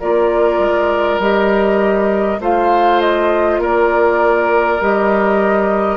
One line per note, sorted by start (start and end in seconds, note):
0.00 0.59 A#3
0.00 1.21 F4
0.00 2.40 A#4
0.00 1.21 D5
0.59 1.19 G#3
1.19 2.39 G3
1.19 2.41 G4
1.19 2.41 D#5
2.40 3.59 A3
2.40 4.81 F4
2.40 3.61 C5
2.40 3.01 F5
3.01 3.61 D#5
3.59 4.79 A#3
3.59 5.97 A#4
3.59 4.83 D5
4.81 5.97 G3
4.81 5.97 G4
4.81 5.97 D#5